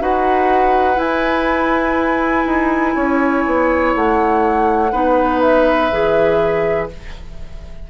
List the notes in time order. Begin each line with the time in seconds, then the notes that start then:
0.00 D#4 F#4 B4 F#5
0.95 E4 G#5
2.45 D#4
2.95 C#4 C#5
3.45 B3
3.95 A3 F#5
4.92 B3 D#4 B4
5.41 E5
5.91 E3 G#4